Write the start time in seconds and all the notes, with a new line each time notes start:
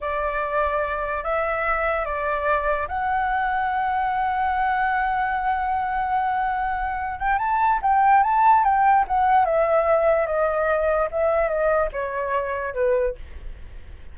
0.00 D5
1.23 E5
2.05 D5
2.87 F#5
7.19 G5
7.38 A5
7.82 G5
8.23 A5
8.64 G5
9.07 F#5
9.45 E5
10.26 D#5
11.11 E5
11.48 D#5
11.92 C#5
12.74 B4